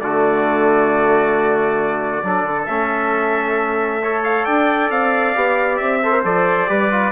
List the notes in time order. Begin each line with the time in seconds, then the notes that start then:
0.00 D3 A3 F#4 D5
2.22 F#3 D4 A4
2.42 D3
2.65 A3 C#4 E5
4.02 A4 C#5
4.23 F5
4.45 D4 D5 G5
4.90 C4 F5
5.35 B3 G4
5.77 C4 E5
6.02 A4 C5
6.12 A#4
6.23 F3 A4 D5
6.67 G3 G4 B4
6.91 F4